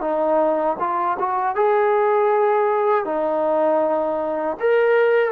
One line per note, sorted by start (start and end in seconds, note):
0.00 0.76 D#4
0.79 1.17 F4
1.19 1.55 F#4
1.55 3.05 G#4
3.05 4.57 D#4
4.59 5.31 A#4